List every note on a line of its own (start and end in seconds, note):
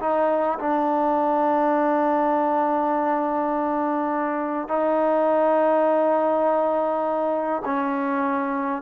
0.00 0.59 D#4
0.59 4.68 D4
4.68 7.63 D#4
7.65 8.82 C#4